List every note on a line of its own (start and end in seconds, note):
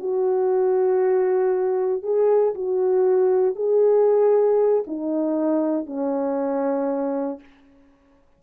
0.00 2.03 F#4
2.03 2.54 G#4
2.55 3.55 F#4
3.55 4.84 G#4
4.87 5.86 D#4
5.86 7.40 C#4